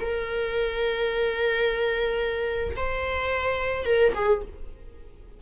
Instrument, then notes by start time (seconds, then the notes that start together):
viola
0.00 A#4
2.76 C5
3.85 A#4
4.15 G#4